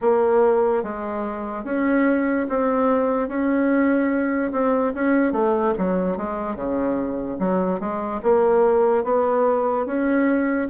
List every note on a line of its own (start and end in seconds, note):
0.01 0.83 A#3
0.83 1.64 G#3
1.64 2.46 C#4
2.49 3.28 C4
3.28 4.51 C#4
4.52 4.93 C4
4.94 5.32 C#4
5.32 5.73 A3
5.78 6.17 F#3
6.17 6.55 G#3
6.55 7.37 C#3
7.39 7.79 F#3
7.79 8.20 G#3
8.22 9.04 A#3
9.04 9.86 B3
9.86 10.68 C#4